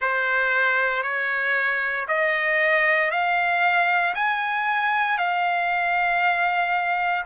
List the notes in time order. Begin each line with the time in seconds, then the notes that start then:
0.01 C5
1.03 C#5
2.08 D#5
3.10 F5
4.14 G#5
5.17 F5